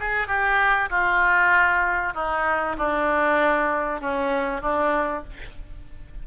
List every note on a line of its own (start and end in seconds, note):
0.00 0.28 G#4
0.28 0.89 G4
0.90 2.14 F4
2.14 2.76 D#4
2.78 4.01 D4
4.01 4.62 C#4
4.62 5.24 D4